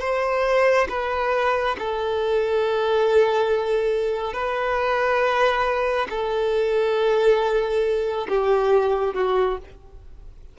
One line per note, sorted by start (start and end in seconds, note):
0.00 0.87 C5
0.89 1.76 B4
1.78 4.33 A4
4.33 6.07 B4
6.09 8.27 A4
8.28 9.14 G4
9.14 9.58 F#4